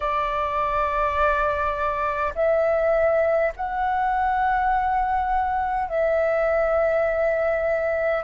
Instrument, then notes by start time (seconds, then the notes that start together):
flute
0.00 D5
2.35 E5
3.56 F#5
5.88 E5